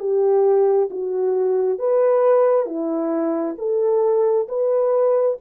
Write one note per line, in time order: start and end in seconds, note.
0.00 0.90 G4
0.90 1.79 F#4
1.79 2.66 B4
2.66 3.56 E4
3.58 4.48 A4
4.48 5.38 B4